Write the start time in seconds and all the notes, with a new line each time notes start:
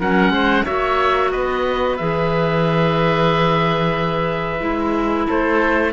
0.00 F#3 C#4 A#4 F#5
0.30 G#3 C5
0.65 A#3 F#4 C#5 E5
1.32 B3 B4 D#5
1.97 E3 G#4 E5
4.60 G#3 E4
5.28 A3 A4 C5